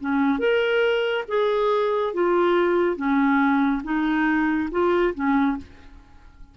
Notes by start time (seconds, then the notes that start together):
0.00 C#4
0.38 A#4
1.28 G#4
2.13 F4
2.96 C#4
3.83 D#4
4.71 F4
5.14 C#4